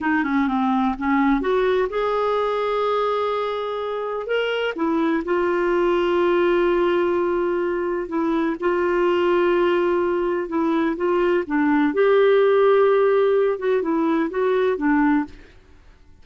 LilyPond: \new Staff \with { instrumentName = "clarinet" } { \time 4/4 \tempo 4 = 126 dis'8 cis'8 c'4 cis'4 fis'4 | gis'1~ | gis'4 ais'4 e'4 f'4~ | f'1~ |
f'4 e'4 f'2~ | f'2 e'4 f'4 | d'4 g'2.~ | g'8 fis'8 e'4 fis'4 d'4 | }